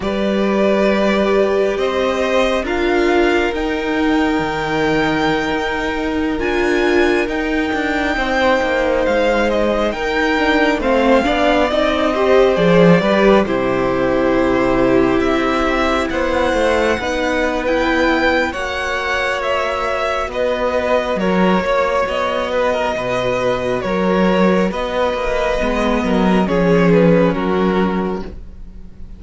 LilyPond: <<
  \new Staff \with { instrumentName = "violin" } { \time 4/4 \tempo 4 = 68 d''2 dis''4 f''4 | g''2.~ g''16 gis''8.~ | gis''16 g''2 f''8 dis''8 g''8.~ | g''16 f''4 dis''4 d''4 c''8.~ |
c''4~ c''16 e''4 fis''4.~ fis''16 | g''4 fis''4 e''4 dis''4 | cis''4 dis''2 cis''4 | dis''2 cis''8 b'8 ais'4 | }
  \new Staff \with { instrumentName = "violin" } { \time 4/4 b'2 c''4 ais'4~ | ais'1~ | ais'4~ ais'16 c''2 ais'8.~ | ais'16 c''8 d''4 c''4 b'8 g'8.~ |
g'2~ g'16 c''4 b'8.~ | b'4 cis''2 b'4 | ais'8 cis''4 b'16 ais'16 b'4 ais'4 | b'4. ais'8 gis'4 fis'4 | }
  \new Staff \with { instrumentName = "viola" } { \time 4/4 g'2. f'4 | dis'2.~ dis'16 f'8.~ | f'16 dis'2.~ dis'8 d'16~ | d'16 c'8 d'8 dis'8 g'8 gis'8 g'8 e'8.~ |
e'2.~ e'16 dis'8. | e'4 fis'2.~ | fis'1~ | fis'4 b4 cis'2 | }
  \new Staff \with { instrumentName = "cello" } { \time 4/4 g2 c'4 d'4 | dis'4 dis4~ dis16 dis'4 d'8.~ | d'16 dis'8 d'8 c'8 ais8 gis4 dis'8.~ | dis'16 a8 b8 c'4 f8 g8 c8.~ |
c4~ c16 c'4 b8 a8 b8.~ | b4 ais2 b4 | fis8 ais8 b4 b,4 fis4 | b8 ais8 gis8 fis8 f4 fis4 | }
>>